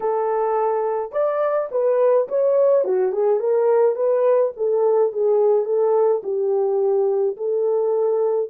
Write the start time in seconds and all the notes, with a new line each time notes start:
0.00 A4
1.12 D5
1.71 B4
2.28 C#5
2.84 F#4
3.12 G#4
3.39 A#4
3.95 B4
4.56 A4
5.12 G#4
5.65 A4
6.23 G4
7.37 A4